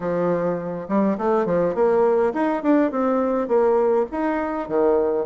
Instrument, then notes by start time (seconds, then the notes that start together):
bassoon
0.00 F3
0.88 G3
1.18 A3
1.45 F3
1.74 A#3
2.33 D#4
2.62 D4
2.91 C4
3.47 A#3
4.11 D#4
4.68 D#3